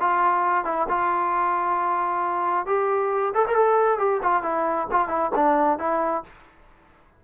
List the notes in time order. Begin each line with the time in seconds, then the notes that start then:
0.00 F4
0.64 E4
0.88 F4
2.66 G4
3.34 A4
3.47 A#4
3.55 A4
3.98 G4
4.22 F4
4.43 E4
4.91 F4
5.08 E4
5.35 D4
5.78 E4